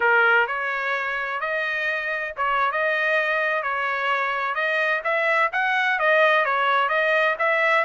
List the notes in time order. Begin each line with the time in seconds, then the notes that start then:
0.00 A#4
0.47 C#5
1.40 D#5
2.36 C#5
2.71 D#5
3.62 C#5
4.54 D#5
5.03 E5
5.52 F#5
5.99 D#5
6.45 C#5
6.89 D#5
7.38 E5